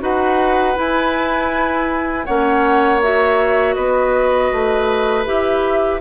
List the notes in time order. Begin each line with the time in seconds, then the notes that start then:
0.00 D#4 F#4 B4 F#5
0.75 E4 G#5
2.26 A#3 C#4 C#5 F#5
3.02 F#4 E5
3.74 B3 B4 D#5
4.52 A3
5.26 E4 G4 E5